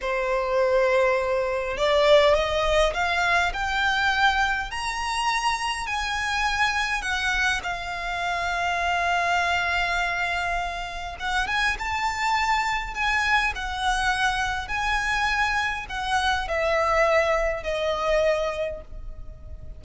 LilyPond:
\new Staff \with { instrumentName = "violin" } { \time 4/4 \tempo 4 = 102 c''2. d''4 | dis''4 f''4 g''2 | ais''2 gis''2 | fis''4 f''2.~ |
f''2. fis''8 gis''8 | a''2 gis''4 fis''4~ | fis''4 gis''2 fis''4 | e''2 dis''2 | }